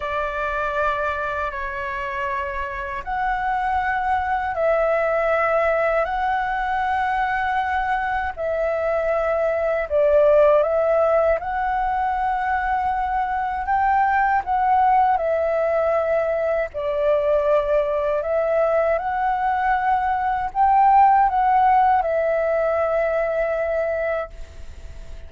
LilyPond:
\new Staff \with { instrumentName = "flute" } { \time 4/4 \tempo 4 = 79 d''2 cis''2 | fis''2 e''2 | fis''2. e''4~ | e''4 d''4 e''4 fis''4~ |
fis''2 g''4 fis''4 | e''2 d''2 | e''4 fis''2 g''4 | fis''4 e''2. | }